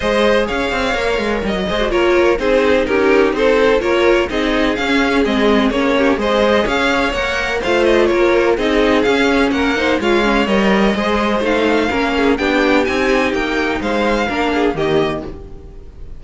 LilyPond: <<
  \new Staff \with { instrumentName = "violin" } { \time 4/4 \tempo 4 = 126 dis''4 f''2 dis''4 | cis''4 c''4 ais'4 c''4 | cis''4 dis''4 f''4 dis''4 | cis''4 dis''4 f''4 fis''4 |
f''8 dis''8 cis''4 dis''4 f''4 | fis''4 f''4 dis''2 | f''2 g''4 gis''4 | g''4 f''2 dis''4 | }
  \new Staff \with { instrumentName = "violin" } { \time 4/4 c''4 cis''2~ cis''8 c''8 | ais'4 gis'4 g'4 a'4 | ais'4 gis'2.~ | gis'8 g'8 c''4 cis''2 |
c''4 ais'4 gis'2 | ais'8 c''8 cis''2 c''4~ | c''4 ais'8 gis'8 g'2~ | g'4 c''4 ais'8 gis'8 g'4 | }
  \new Staff \with { instrumentName = "viola" } { \time 4/4 gis'2 ais'4. gis'16 fis'16 | f'4 dis'2. | f'4 dis'4 cis'4 c'4 | cis'4 gis'2 ais'4 |
f'2 dis'4 cis'4~ | cis'8 dis'8 f'8 cis'8 ais'4 gis'4 | dis'4 cis'4 d'4 dis'4~ | dis'2 d'4 ais4 | }
  \new Staff \with { instrumentName = "cello" } { \time 4/4 gis4 cis'8 c'8 ais8 gis8 g16 fis16 gis8 | ais4 c'4 cis'4 c'4 | ais4 c'4 cis'4 gis4 | ais4 gis4 cis'4 ais4 |
a4 ais4 c'4 cis'4 | ais4 gis4 g4 gis4 | a4 ais4 b4 c'4 | ais4 gis4 ais4 dis4 | }
>>